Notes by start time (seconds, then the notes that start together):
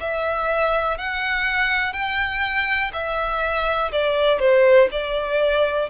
0.00 E5
0.97 F#5
1.93 G5
2.93 E5
3.92 D5
4.39 C5
4.91 D5